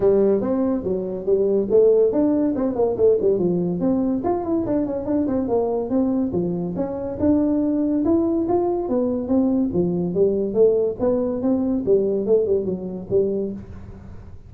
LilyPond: \new Staff \with { instrumentName = "tuba" } { \time 4/4 \tempo 4 = 142 g4 c'4 fis4 g4 | a4 d'4 c'8 ais8 a8 g8 | f4 c'4 f'8 e'8 d'8 cis'8 | d'8 c'8 ais4 c'4 f4 |
cis'4 d'2 e'4 | f'4 b4 c'4 f4 | g4 a4 b4 c'4 | g4 a8 g8 fis4 g4 | }